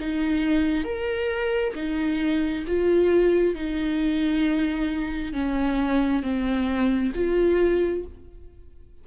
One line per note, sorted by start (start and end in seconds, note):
0.00 0.85 D#4
0.85 1.74 A#4
1.75 2.65 D#4
2.67 3.56 F4
3.56 5.33 D#4
5.33 6.23 C#4
6.23 7.13 C4
7.15 8.04 F4